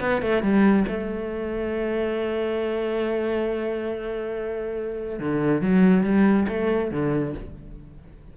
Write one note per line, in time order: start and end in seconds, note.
0.00 0.22 B3
0.22 0.43 A3
0.43 0.86 G3
0.88 5.19 A3
5.19 5.61 D3
5.61 6.03 F#3
6.03 6.46 G3
6.48 6.91 A3
6.91 7.34 D3